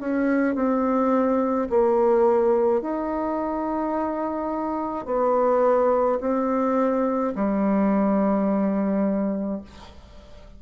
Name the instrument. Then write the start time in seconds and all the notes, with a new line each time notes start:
bassoon
0.00 C#4
0.56 C4
1.70 A#3
2.82 D#4
5.06 B3
6.21 C4
7.35 G3